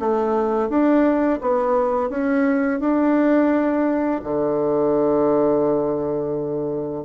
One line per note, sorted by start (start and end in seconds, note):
0.00 0.70 A3
0.70 1.40 D4
1.42 2.10 B3
2.10 2.80 C#4
2.80 4.21 D4
4.24 7.05 D3